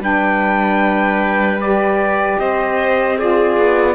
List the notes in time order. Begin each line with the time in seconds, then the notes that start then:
0.00 G3 D4 B4 G5
1.61 G4 D5
2.39 C4 C5 D#5
3.17 F4 G#4 D5
3.57 B3